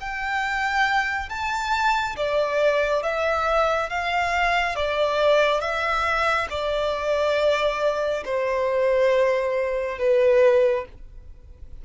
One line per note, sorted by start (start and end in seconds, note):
0.00 1.28 G5
1.28 2.15 A5
2.16 3.02 D5
3.02 3.89 E5
3.89 4.75 F5
4.75 5.60 D5
5.60 6.47 E5
6.49 8.23 D5
8.25 9.98 C5
9.98 10.85 B4